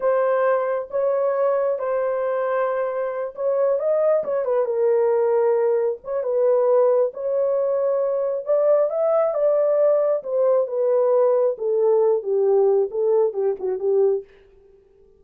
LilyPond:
\new Staff \with { instrumentName = "horn" } { \time 4/4 \tempo 4 = 135 c''2 cis''2 | c''2.~ c''8 cis''8~ | cis''8 dis''4 cis''8 b'8 ais'4.~ | ais'4. cis''8 b'2 |
cis''2. d''4 | e''4 d''2 c''4 | b'2 a'4. g'8~ | g'4 a'4 g'8 fis'8 g'4 | }